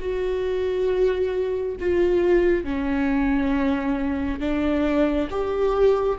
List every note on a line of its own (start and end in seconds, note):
0.00 1.76 F#4
1.80 2.64 F4
2.64 4.41 C#4
4.41 5.29 D4
5.31 6.19 G4